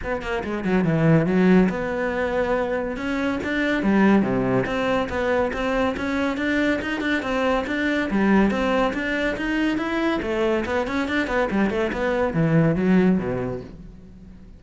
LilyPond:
\new Staff \with { instrumentName = "cello" } { \time 4/4 \tempo 4 = 141 b8 ais8 gis8 fis8 e4 fis4 | b2. cis'4 | d'4 g4 c4 c'4 | b4 c'4 cis'4 d'4 |
dis'8 d'8 c'4 d'4 g4 | c'4 d'4 dis'4 e'4 | a4 b8 cis'8 d'8 b8 g8 a8 | b4 e4 fis4 b,4 | }